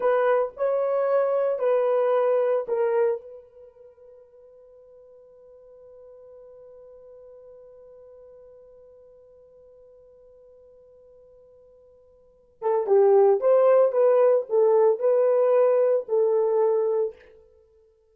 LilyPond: \new Staff \with { instrumentName = "horn" } { \time 4/4 \tempo 4 = 112 b'4 cis''2 b'4~ | b'4 ais'4 b'2~ | b'1~ | b'1~ |
b'1~ | b'2.~ b'8 a'8 | g'4 c''4 b'4 a'4 | b'2 a'2 | }